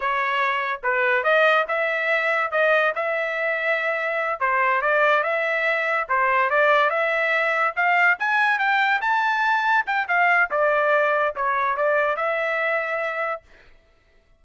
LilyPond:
\new Staff \with { instrumentName = "trumpet" } { \time 4/4 \tempo 4 = 143 cis''2 b'4 dis''4 | e''2 dis''4 e''4~ | e''2~ e''8 c''4 d''8~ | d''8 e''2 c''4 d''8~ |
d''8 e''2 f''4 gis''8~ | gis''8 g''4 a''2 g''8 | f''4 d''2 cis''4 | d''4 e''2. | }